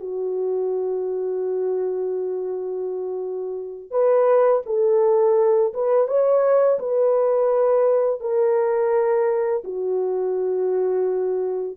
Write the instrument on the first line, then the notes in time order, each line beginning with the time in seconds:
horn
0.00 F#4
3.91 B4
4.66 A4
5.74 B4
6.07 C#5
6.79 B4
8.20 A#4
9.64 F#4